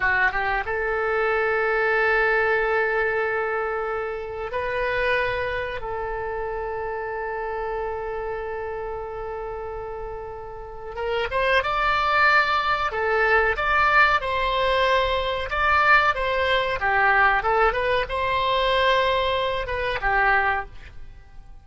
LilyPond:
\new Staff \with { instrumentName = "oboe" } { \time 4/4 \tempo 4 = 93 fis'8 g'8 a'2.~ | a'2. b'4~ | b'4 a'2.~ | a'1~ |
a'4 ais'8 c''8 d''2 | a'4 d''4 c''2 | d''4 c''4 g'4 a'8 b'8 | c''2~ c''8 b'8 g'4 | }